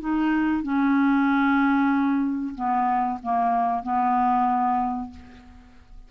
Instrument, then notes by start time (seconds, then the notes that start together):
clarinet
0.00 D#4
0.63 C#4
2.55 B3
3.22 A#3
3.83 B3